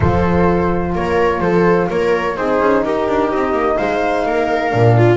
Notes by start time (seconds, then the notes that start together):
0.00 F3 F4 A4 C5
0.95 A#3 A#4 C#5
1.40 F3 A4 C5
1.89 A#3 A#4 C#5
2.36 C4 D#4 G#4 C5
2.60 C#4
2.84 D#4 G4 A#4
3.08 D4
3.30 C4 D#5
3.52 A#3
3.77 G#3 C5 F5
4.25 A#3 A#4
4.70 A#2 D4
4.97 F4